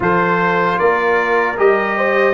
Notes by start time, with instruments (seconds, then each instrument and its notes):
0.00 tuba F3, trombone F4, horn A4, trumpet C5
0.78 tuba A#3, horn A#4, trumpet D5
1.57 tuba G3, trombone G4, trumpet D#5
1.97 horn C5